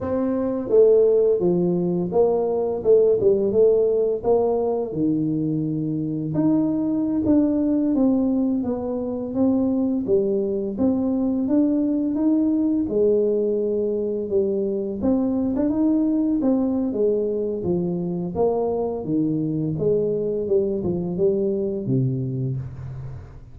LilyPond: \new Staff \with { instrumentName = "tuba" } { \time 4/4 \tempo 4 = 85 c'4 a4 f4 ais4 | a8 g8 a4 ais4 dis4~ | dis4 dis'4~ dis'16 d'4 c'8.~ | c'16 b4 c'4 g4 c'8.~ |
c'16 d'4 dis'4 gis4.~ gis16~ | gis16 g4 c'8. d'16 dis'4 c'8. | gis4 f4 ais4 dis4 | gis4 g8 f8 g4 c4 | }